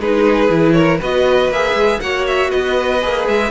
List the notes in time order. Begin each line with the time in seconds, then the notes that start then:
0.00 G#3 D#4 G#4 B4
0.49 E3 E4
0.73 A#4 C#5
0.99 B3 F#4 B4 D#5
1.49 A#3 G#4 E5
1.74 G#3
2.01 A#3 F#4 C#5 F#5
2.27 E5
2.50 B3 B4 D#5
3.02 A#3 G#4
3.28 G#3 E5